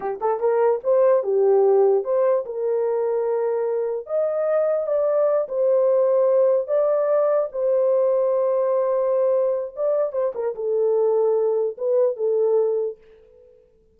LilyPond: \new Staff \with { instrumentName = "horn" } { \time 4/4 \tempo 4 = 148 g'8 a'8 ais'4 c''4 g'4~ | g'4 c''4 ais'2~ | ais'2 dis''2 | d''4. c''2~ c''8~ |
c''8 d''2 c''4.~ | c''1 | d''4 c''8 ais'8 a'2~ | a'4 b'4 a'2 | }